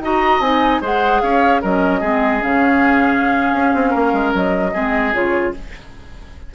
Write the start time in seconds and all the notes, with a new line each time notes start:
0.00 D#4 F#4 D#5 A#5
0.40 C4 D#4 G#5
0.81 G#3 G#4 C5 F#5
1.21 C#4 C#5 F5
1.62 F#3 C#4 A#4 D#5
2.00 G#3 C4 G#4
2.41 C#3 C#4 F5
3.54 C#4
3.74 C4
3.90 A#3 A#4
4.13 G#3
4.34 F#3 D#5
4.73 G#3 C4 G#4
5.13 C#3 F4 C#5